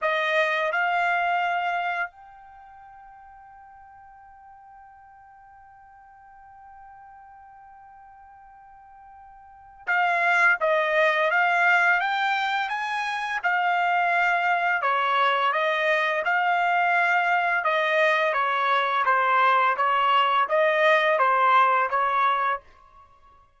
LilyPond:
\new Staff \with { instrumentName = "trumpet" } { \time 4/4 \tempo 4 = 85 dis''4 f''2 g''4~ | g''1~ | g''1~ | g''2 f''4 dis''4 |
f''4 g''4 gis''4 f''4~ | f''4 cis''4 dis''4 f''4~ | f''4 dis''4 cis''4 c''4 | cis''4 dis''4 c''4 cis''4 | }